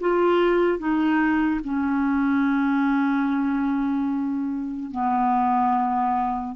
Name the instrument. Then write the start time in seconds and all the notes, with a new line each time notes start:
clarinet
0.00 F4
0.78 D#4
1.64 C#4
4.91 B3